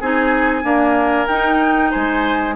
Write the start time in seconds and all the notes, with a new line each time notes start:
0.00 C4 D#4 G#4 G#5
0.63 A#3 D4 A#4
1.27 D#4 G5
1.91 G#3 C5 G#5